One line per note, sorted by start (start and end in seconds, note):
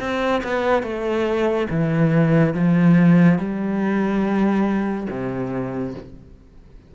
0.00 0.42 C4
0.44 0.83 B3
0.83 1.67 A3
1.70 2.54 E3
2.54 3.38 F3
3.38 5.07 G3
5.10 5.94 C3